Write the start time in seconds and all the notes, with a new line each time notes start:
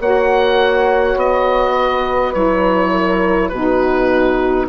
0.00 A#3 F#4 C#5 F#5
1.16 B3 D#5
1.73 B4
2.34 F#3 E4 C#5
2.92 A#4
3.49 B2 D#4 F#4 B4